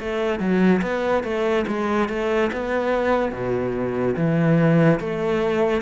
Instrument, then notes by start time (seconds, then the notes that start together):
cello
0.00 A3
0.40 F#3
0.83 B3
1.24 A3
1.67 G#3
2.09 A3
2.53 B3
3.32 B2
4.17 E3
5.00 A3